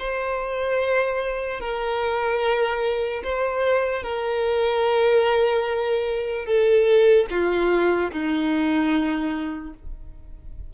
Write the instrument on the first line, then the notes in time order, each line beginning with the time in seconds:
violin
0.00 C5
1.61 A#4
3.24 C5
4.03 A#4
6.46 A4
7.31 F4
8.12 D#4